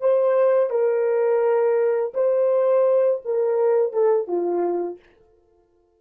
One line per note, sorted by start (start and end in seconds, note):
0.00 0.69 C5
0.69 2.12 A#4
2.14 3.21 C5
3.24 3.93 A#4
3.93 4.27 A4
4.27 4.99 F4